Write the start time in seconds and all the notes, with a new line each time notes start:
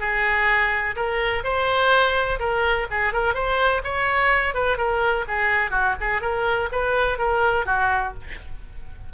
0.00 G#4
0.96 A#4
1.44 C5
2.39 A#4
2.91 G#4
3.13 A#4
3.34 C5
3.84 C#5
4.54 B4
4.77 A#4
5.28 G#4
5.71 F#4
6.01 G#4
6.21 A#4
6.72 B4
7.18 A#4
7.66 F#4